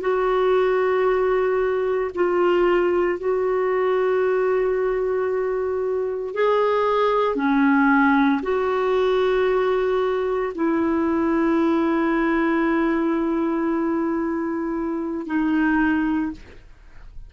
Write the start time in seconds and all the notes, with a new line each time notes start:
0.00 F#4
2.14 F4
3.19 F#4
6.34 G#4
7.35 C#4
8.42 F#4
10.55 E4
15.26 D#4